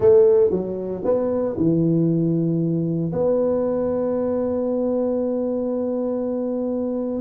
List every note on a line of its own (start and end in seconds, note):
0.00 0.50 A3
0.50 1.02 F#3
1.04 1.56 B3
1.56 3.12 E3
3.12 7.20 B3